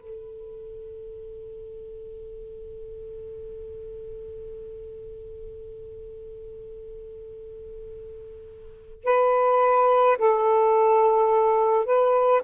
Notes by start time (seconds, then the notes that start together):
0.00 A4
9.04 B4
10.18 A4
11.85 B4